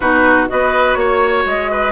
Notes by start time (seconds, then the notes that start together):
0.00 B2 D#4 F#4 B4
0.47 B3 F#4 B4 D#5
0.94 A#3 C#5
1.45 G#3 D#5
1.71 B4